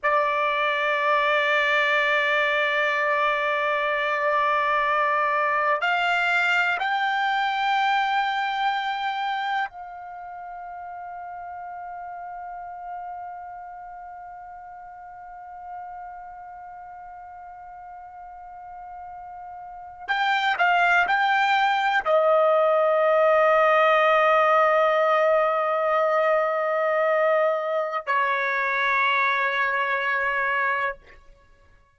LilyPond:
\new Staff \with { instrumentName = "trumpet" } { \time 4/4 \tempo 4 = 62 d''1~ | d''2 f''4 g''4~ | g''2 f''2~ | f''1~ |
f''1~ | f''8. g''8 f''8 g''4 dis''4~ dis''16~ | dis''1~ | dis''4 cis''2. | }